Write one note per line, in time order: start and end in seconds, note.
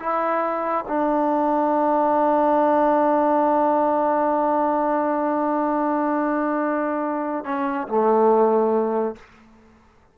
0.00 0.85 E4
0.88 7.45 D4
7.45 7.88 C#4
7.88 9.16 A3